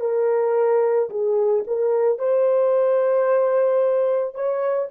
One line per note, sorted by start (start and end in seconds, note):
0.00 1.09 A#4
1.10 1.64 G#4
1.67 2.19 A#4
2.19 4.34 C5
4.34 4.89 C#5